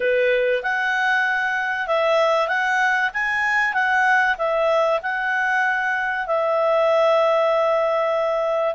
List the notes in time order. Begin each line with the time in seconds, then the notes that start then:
0.00 B4
0.62 F#5
1.87 E5
2.48 F#5
3.13 G#5
3.73 F#5
4.38 E5
5.02 F#5
6.26 E5